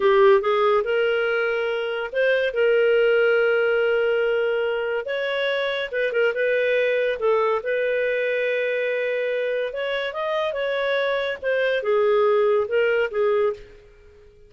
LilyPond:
\new Staff \with { instrumentName = "clarinet" } { \time 4/4 \tempo 4 = 142 g'4 gis'4 ais'2~ | ais'4 c''4 ais'2~ | ais'1 | cis''2 b'8 ais'8 b'4~ |
b'4 a'4 b'2~ | b'2. cis''4 | dis''4 cis''2 c''4 | gis'2 ais'4 gis'4 | }